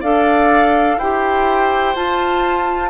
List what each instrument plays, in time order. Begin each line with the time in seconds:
0.00 bassoon D4, clarinet A4, oboe D5, flute F5
0.97 bassoon E4, clarinet G4, oboe C5, flute G5
1.95 clarinet F4, bassoon F4, flute A5